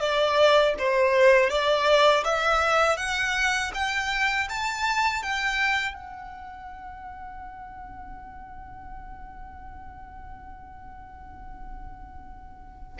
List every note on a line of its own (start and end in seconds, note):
0.00 0.74 D5
0.78 1.49 C5
1.49 2.23 D5
2.24 2.97 E5
2.97 3.71 F#5
3.74 4.48 G5
4.49 5.22 A5
5.22 5.94 G5
5.94 12.97 F#5